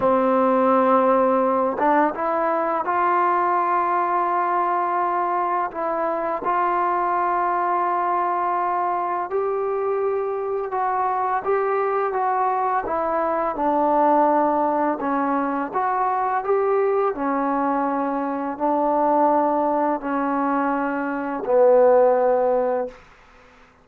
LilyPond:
\new Staff \with { instrumentName = "trombone" } { \time 4/4 \tempo 4 = 84 c'2~ c'8 d'8 e'4 | f'1 | e'4 f'2.~ | f'4 g'2 fis'4 |
g'4 fis'4 e'4 d'4~ | d'4 cis'4 fis'4 g'4 | cis'2 d'2 | cis'2 b2 | }